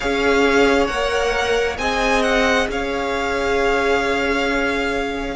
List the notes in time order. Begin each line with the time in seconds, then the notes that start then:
0.00 C#4 G#4 C#5 F5
0.86 A#3 A#4 F#5
1.78 C4 G#4 D#5 G#5
2.22 F#5
2.68 C#4 C#5 F5